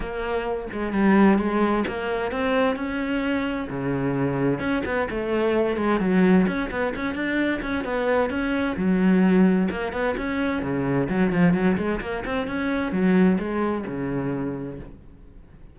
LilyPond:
\new Staff \with { instrumentName = "cello" } { \time 4/4 \tempo 4 = 130 ais4. gis8 g4 gis4 | ais4 c'4 cis'2 | cis2 cis'8 b8 a4~ | a8 gis8 fis4 cis'8 b8 cis'8 d'8~ |
d'8 cis'8 b4 cis'4 fis4~ | fis4 ais8 b8 cis'4 cis4 | fis8 f8 fis8 gis8 ais8 c'8 cis'4 | fis4 gis4 cis2 | }